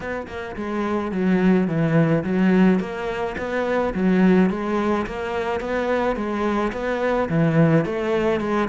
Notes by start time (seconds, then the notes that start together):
0.00 B3
0.27 A#3
0.56 G#3
1.11 F#3
1.67 E3
2.24 F#3
2.79 A#3
3.37 B3
3.94 F#3
4.50 G#3
5.06 A#3
5.60 B3
6.15 G#3
6.72 B3
7.29 E3
7.85 A3
8.40 G#3